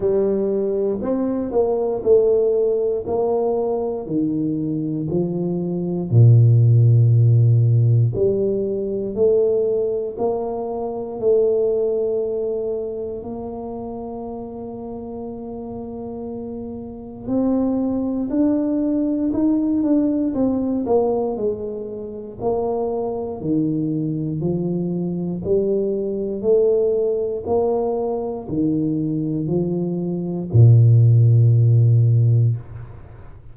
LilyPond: \new Staff \with { instrumentName = "tuba" } { \time 4/4 \tempo 4 = 59 g4 c'8 ais8 a4 ais4 | dis4 f4 ais,2 | g4 a4 ais4 a4~ | a4 ais2.~ |
ais4 c'4 d'4 dis'8 d'8 | c'8 ais8 gis4 ais4 dis4 | f4 g4 a4 ais4 | dis4 f4 ais,2 | }